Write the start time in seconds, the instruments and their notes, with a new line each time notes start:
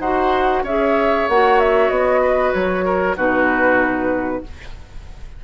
0.00 bassoon D#4, clarinet F#4, oboe C5, flute F#5
0.63 bassoon C#4, clarinet G#4, oboe C#5, flute E5
1.29 bassoon A#3, clarinet F#4, flute F#5
1.60 flute E5
1.90 bassoon B3, flute D#5
2.22 oboe B4
2.53 bassoon F#3, flute C#5
2.85 oboe A#4
3.17 bassoon B2, clarinet D#4, oboe F#4, flute B4